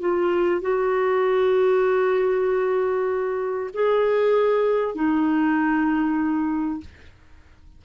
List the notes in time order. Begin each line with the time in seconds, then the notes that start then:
0.00 F4
0.61 F#4
3.73 G#4
4.95 D#4